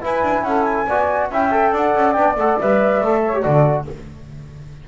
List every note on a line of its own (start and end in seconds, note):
0.00 0.86 E4
0.00 0.22 E4
0.00 0.43 B4
0.00 0.43 G#5
0.22 0.42 D4
0.42 0.85 C#4
0.42 0.86 A4
0.42 0.62 F#5
0.62 1.27 G#5
0.86 1.30 B3
0.86 1.32 F#4
0.86 1.29 D5
1.29 1.72 C#4
1.29 1.50 E4
1.29 1.71 E5
1.29 1.76 G5
1.50 2.15 A4
1.71 1.93 D4
1.71 3.21 D5
1.71 2.13 F#5
1.94 2.16 C#4
2.13 2.35 B3
2.13 2.36 D4
2.13 2.34 G5
2.35 2.57 A3
2.35 2.60 A4
2.35 2.59 F#5
2.59 3.00 G3
2.59 3.04 B4
2.59 3.41 E5
3.00 3.43 A3
3.00 3.33 A4
3.25 3.45 C#5
3.33 3.43 G4
3.41 3.87 D3
3.41 3.86 F#4
3.41 3.88 A4
3.41 3.84 D5